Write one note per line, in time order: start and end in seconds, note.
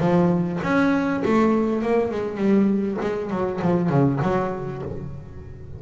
0.00 0.60 F3
0.63 1.23 C#4
1.25 1.82 A3
1.82 2.11 A#3
2.11 2.37 G#3
2.37 2.97 G3
3.01 3.30 G#3
3.30 3.60 F#3
3.61 3.89 F3
3.89 4.19 C#3
4.22 4.82 F#3